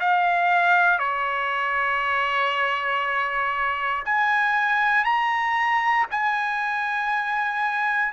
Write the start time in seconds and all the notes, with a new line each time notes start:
0.00 F5
0.99 C#5
4.05 G#5
5.05 A#5
6.11 G#5